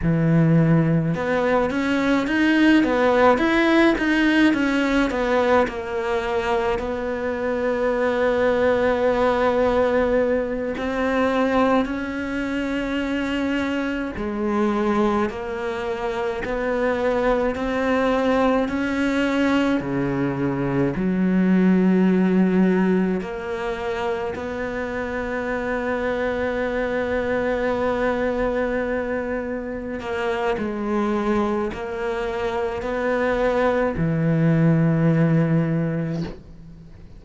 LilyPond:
\new Staff \with { instrumentName = "cello" } { \time 4/4 \tempo 4 = 53 e4 b8 cis'8 dis'8 b8 e'8 dis'8 | cis'8 b8 ais4 b2~ | b4. c'4 cis'4.~ | cis'8 gis4 ais4 b4 c'8~ |
c'8 cis'4 cis4 fis4.~ | fis8 ais4 b2~ b8~ | b2~ b8 ais8 gis4 | ais4 b4 e2 | }